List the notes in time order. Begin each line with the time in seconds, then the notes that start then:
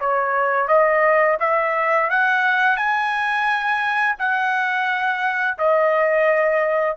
0.00 C#5
0.68 D#5
1.40 E5
2.09 F#5
2.76 G#5
4.18 F#5
5.58 D#5